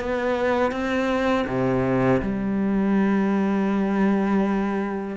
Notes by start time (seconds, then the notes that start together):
0.00 B3
0.72 C4
1.47 C3
2.22 G3